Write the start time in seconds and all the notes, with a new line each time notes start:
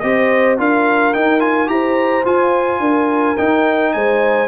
0.00 C4 G4 C5 D#5
0.58 D4 F4 A#4 F5
1.14 D#4 G5
1.40 F4 G#5
1.67 E4 G4 C5 A#5
2.25 F4 G#5
2.80 D4 A#4
3.37 D#4 G5
3.93 G#3 C5 G#5